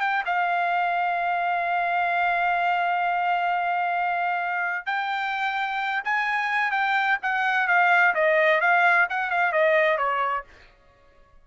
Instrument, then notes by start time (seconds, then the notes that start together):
trumpet
0.00 G5
0.26 F5
4.86 G5
6.04 G#5
6.71 G5
7.22 F#5
7.67 F5
8.14 D#5
8.60 F5
9.09 F#5
9.30 F5
9.52 D#5
9.97 C#5